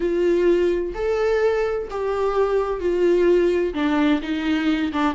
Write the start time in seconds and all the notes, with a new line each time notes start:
0.00 F4
0.94 A4
1.90 G4
2.80 F4
3.74 D4
4.21 D#4
4.92 D4